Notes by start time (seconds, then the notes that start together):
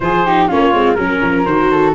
0.00 F3 F4 G#4 C5
0.26 D#4 G4
0.47 A#3 C#4 F4 C#5
0.74 G#3 C4
0.94 F#3 C#4 A#4
1.21 F3
1.45 D#3 F#4 C5
1.71 A4